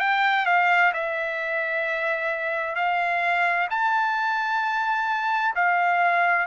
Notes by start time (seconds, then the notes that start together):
0.00 G5
0.46 F5
0.94 E5
2.75 F5
3.70 A5
5.56 F5